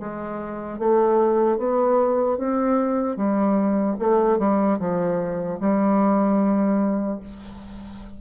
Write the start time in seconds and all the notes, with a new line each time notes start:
0.00 G#3
0.79 A3
1.58 B3
2.38 C4
3.16 G3
4.00 A3
4.39 G3
4.79 F3
5.60 G3